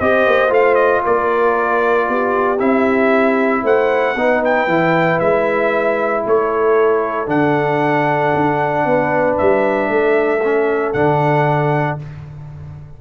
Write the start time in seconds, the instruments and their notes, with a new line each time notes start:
0.00 tuba C4, trombone G4, horn C5, trumpet D#5
0.27 tuba A#3
0.49 tuba A3, trombone F4, trumpet F5
0.75 trumpet D#5
1.03 tuba A#3, horn A#4, trumpet D5
2.08 tuba B3, horn G4
2.59 tuba C4, trombone E4, trumpet E5
3.63 tuba A3, horn C5, trumpet F#5
4.14 tuba B3, trombone D#4, horn B4
4.45 trumpet G5
4.67 tuba E3, trombone E4
5.20 tuba G#3, trumpet E5
6.26 tuba A3, horn A4, trumpet C#5
7.27 tuba D3, trombone D4, trumpet F#5
8.35 tuba D4
8.85 tuba B3, horn B4
9.38 tuba G3, trumpet E5
9.89 tuba A3, horn A4
10.44 trombone C#4
10.93 tuba D3, trombone D4, trumpet F#5